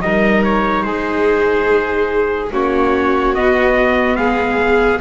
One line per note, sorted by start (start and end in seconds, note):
0.00 0.85 G3
0.00 2.50 D#4
0.00 0.86 A#4
0.00 0.43 D#5
0.44 0.83 C#5
0.83 2.52 G#3
0.83 2.53 G#4
0.83 2.49 C5
2.52 3.35 A#3
2.52 3.36 C#4
2.52 4.18 F#4
2.52 3.35 C#5
3.35 4.17 B3
3.35 5.01 B3
3.35 4.16 D#5
4.16 5.01 G#3
4.16 5.01 G#4
4.16 4.99 F5